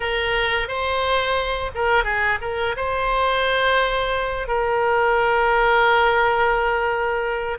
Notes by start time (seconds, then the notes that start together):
0.00 A#4
0.67 C5
1.74 A#4
2.04 G#4
2.41 A#4
2.76 C5
4.47 A#4